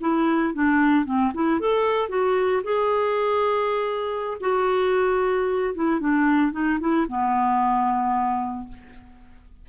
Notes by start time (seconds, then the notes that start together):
0.00 E4
0.54 D4
1.05 C4
1.34 E4
1.60 A4
2.08 F#4
2.63 G#4
4.40 F#4
5.74 E4
6.00 D4
6.52 D#4
6.80 E4
7.08 B3